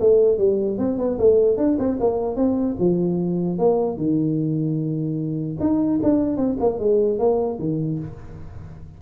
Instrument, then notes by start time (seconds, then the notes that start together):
tuba
0.00 A3
0.38 G3
0.78 C4
0.98 B3
1.19 A3
1.57 D4
1.79 C4
2.00 A#3
2.36 C4
2.79 F3
3.59 A#3
3.97 D#3
5.60 D#4
6.03 D4
6.37 C4
6.60 A#3
6.79 G#3
7.19 A#3
7.59 D#3